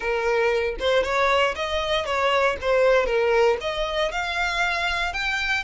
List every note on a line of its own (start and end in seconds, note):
0.00 0.76 A#4
0.79 1.03 C5
1.03 1.54 C#5
1.55 2.05 D#5
2.05 2.56 C#5
2.61 3.05 C5
3.05 3.57 A#4
3.60 4.11 D#5
4.11 5.13 F5
5.13 5.63 G5